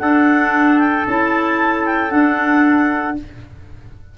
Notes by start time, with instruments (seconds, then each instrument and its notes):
0.00 tuba D4, clarinet D4 F#5, trumpet A4
0.79 clarinet G5
1.08 tuba C#4, clarinet E4 A5
1.86 clarinet G5
2.10 clarinet D4 F#5, tuba D4